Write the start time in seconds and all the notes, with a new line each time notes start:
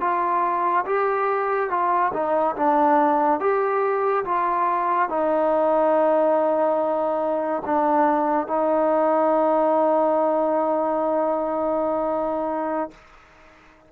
0.00 F4
0.85 G4
1.69 F4
2.13 D#4
2.55 D4
3.40 G4
4.24 F4
5.09 D#4
7.65 D4
8.47 D#4